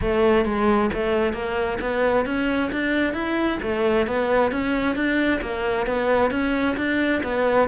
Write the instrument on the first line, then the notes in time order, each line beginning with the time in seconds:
cello
0.01 A3
0.45 G#3
0.93 A3
1.33 A#3
1.80 B3
2.25 C#4
2.72 D4
3.13 E4
3.62 A3
4.06 B3
4.51 C#4
4.95 D4
5.41 A#3
5.86 B3
6.30 C#4
6.77 D4
7.23 B3